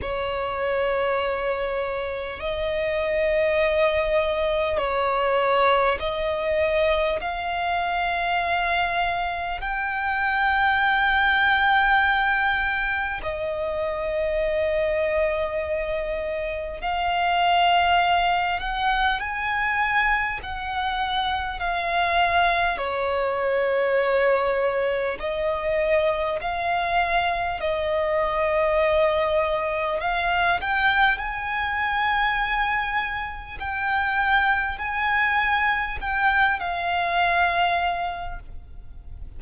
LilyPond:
\new Staff \with { instrumentName = "violin" } { \time 4/4 \tempo 4 = 50 cis''2 dis''2 | cis''4 dis''4 f''2 | g''2. dis''4~ | dis''2 f''4. fis''8 |
gis''4 fis''4 f''4 cis''4~ | cis''4 dis''4 f''4 dis''4~ | dis''4 f''8 g''8 gis''2 | g''4 gis''4 g''8 f''4. | }